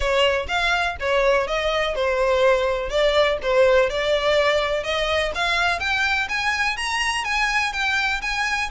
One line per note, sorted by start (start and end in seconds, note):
0.00 0.46 C#5
0.48 0.96 F5
1.00 1.47 C#5
1.47 1.95 D#5
1.95 2.89 C5
2.89 3.38 D5
3.42 3.89 C5
3.89 4.83 D5
4.83 5.31 D#5
5.34 5.79 F5
5.79 6.27 G5
6.28 6.77 G#5
6.77 7.24 A#5
7.24 7.72 G#5
7.72 8.21 G5
8.21 8.69 G#5